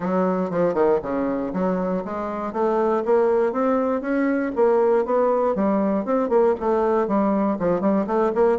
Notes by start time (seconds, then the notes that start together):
0.00 F#3
0.50 F3
0.74 D#3
1.02 C#3
1.53 F#3
2.04 G#3
2.53 A3
3.05 A#3
3.52 C4
4.01 C#4
4.55 A#3
5.05 B3
5.55 G3
6.05 C4
6.29 A#3
6.60 A3
7.07 G3
7.59 F3
7.80 G3
8.06 A3
8.34 A#3